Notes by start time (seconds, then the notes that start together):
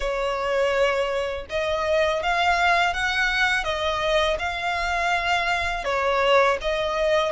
0.00 C#5
1.49 D#5
2.23 F5
2.93 F#5
3.64 D#5
4.39 F5
5.84 C#5
6.61 D#5